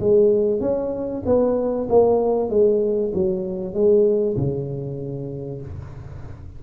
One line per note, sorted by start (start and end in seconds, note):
0.00 0.61 G#3
0.61 1.23 C#4
1.26 1.88 B3
1.89 2.50 A#3
2.50 3.12 G#3
3.14 3.74 F#3
3.74 4.36 G#3
4.37 5.62 C#3